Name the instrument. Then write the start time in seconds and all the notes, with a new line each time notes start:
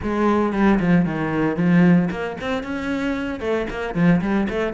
cello
0.02 G#3
0.52 G3
0.79 F3
1.05 D#3
1.56 F3
2.10 A#3
2.40 C4
2.63 C#4
3.40 A3
3.70 A#3
3.94 F3
4.21 G3
4.49 A3